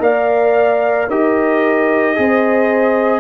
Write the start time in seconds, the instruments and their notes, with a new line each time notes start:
0.00 tuba A#3, trombone A#4, horn D5, trumpet F5
1.08 tuba D#4, trombone G4, horn A#4, trumpet D#5
2.15 tuba C4, trombone G#4, horn C5